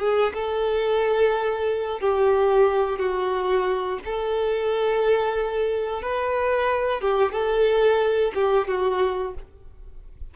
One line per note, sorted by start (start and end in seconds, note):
0.00 0.33 G#4
0.34 2.01 A4
2.01 2.99 G4
2.99 3.99 F#4
4.05 6.02 A4
6.02 7.02 B4
7.02 7.32 G4
7.32 8.32 A4
8.35 8.68 G4
8.68 9.35 F#4